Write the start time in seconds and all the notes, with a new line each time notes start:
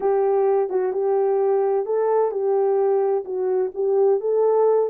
0.00 G4
0.69 F#4
0.92 G4
1.85 A4
2.31 G4
3.24 F#4
3.74 G4
4.20 A4